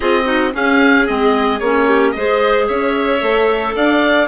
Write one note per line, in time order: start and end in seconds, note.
0.00 0.54 C4
0.00 0.23 F4
0.00 0.25 G#4
0.00 0.53 D#5
0.24 0.51 D#4
0.24 0.52 F#4
0.51 1.05 C#4
0.51 1.08 C#4
0.51 1.86 G#4
0.51 1.07 F5
1.06 1.60 G#3
1.06 1.60 C4
1.06 1.59 D#5
1.59 2.14 A#3
1.59 2.16 C#4
1.59 2.11 C#5
1.86 2.13 G4
2.11 2.69 G#3
2.11 3.20 G#4
2.11 2.67 C5
2.11 2.64 D#5
2.67 3.22 C#4
2.67 3.74 C#5
2.67 3.75 E5
3.20 3.75 A3
3.20 4.27 A4
3.75 4.27 D4
3.75 4.27 D5
3.75 4.27 F5